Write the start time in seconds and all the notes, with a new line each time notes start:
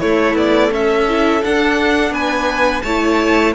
0.00 A3 E4 C#5
0.35 B3 D5
0.71 C#4 A4 E5
1.08 E4
1.42 D4 F#5
2.11 B3 B4 G#5
2.82 A3 E4 C#5 A5